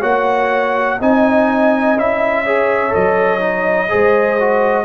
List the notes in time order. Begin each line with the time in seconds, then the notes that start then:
0.00 A#3 F#4 C#5 F#5
0.99 C4 D#4 D#5 G#5
1.96 C#4 E4 E5
2.44 G#4 C#5
2.90 F#3 A4 D#5
3.39 D#4
3.89 G#3 G#4 C5
4.40 F#4